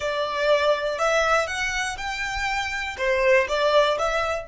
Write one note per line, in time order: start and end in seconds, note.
0.00 0.98 D5
0.98 1.47 E5
1.47 1.96 F#5
1.97 2.96 G5
2.98 3.47 C5
3.48 3.98 D5
3.98 4.47 E5